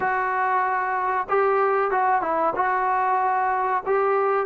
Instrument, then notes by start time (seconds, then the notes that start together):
trombone
0.00 F#4
1.29 G4
1.90 F#4
2.21 E4
2.55 F#4
3.86 G4